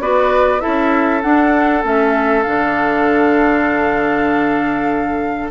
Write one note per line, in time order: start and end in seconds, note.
0.00 0.61 B3
0.00 0.59 F#4
0.00 0.61 B4
0.00 0.60 D5
0.59 1.21 E4
0.59 5.50 A4
0.59 1.21 E5
0.66 1.23 C#4
1.21 1.83 D4
1.21 1.83 F#5
1.83 2.45 A3
1.83 2.44 C#4
1.83 2.42 E5
2.42 5.50 D3
2.42 5.50 D4
2.42 5.48 F5